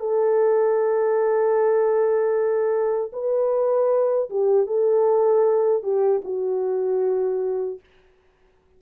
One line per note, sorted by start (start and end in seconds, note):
0.00 3.12 A4
3.13 4.30 B4
4.30 4.67 G4
4.67 5.83 A4
5.83 6.22 G4
6.24 7.80 F#4